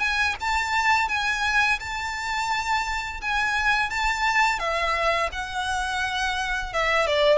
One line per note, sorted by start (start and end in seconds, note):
0.00 0.35 G#5
0.41 1.09 A5
1.09 1.79 G#5
1.80 3.21 A5
3.21 3.90 G#5
3.90 4.59 A5
4.59 5.30 E5
5.32 6.73 F#5
6.74 7.07 E5
7.07 7.38 D5